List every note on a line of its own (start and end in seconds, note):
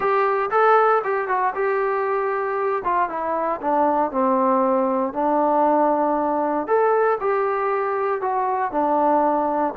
0.00 0.50 G4
0.51 1.02 A4
1.04 1.28 G4
1.28 1.53 F#4
1.54 2.83 G4
2.84 3.09 F4
3.09 3.60 E4
3.61 4.11 D4
4.11 5.13 C4
5.13 6.67 D4
6.67 7.18 A4
7.20 8.21 G4
8.21 8.71 F#4
8.71 9.74 D4